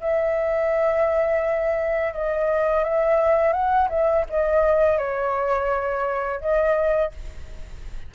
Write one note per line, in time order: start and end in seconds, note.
0.00 2.13 E5
2.13 2.84 D#5
2.84 3.52 E5
3.52 3.88 F#5
3.89 4.25 E5
4.29 4.98 D#5
4.98 6.40 C#5
6.40 7.11 D#5